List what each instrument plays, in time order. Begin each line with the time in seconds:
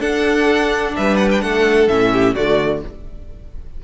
0.00 viola D4, cello D4, violin A4 F#5
0.96 cello G3, violin B4 E5
1.17 violin F#5
1.31 violin G5
1.41 cello A3, violin A4 F#5
1.88 cello A2, viola C#4, violin E5
2.13 violin G4
2.34 cello D3, viola A3, violin F#4 D5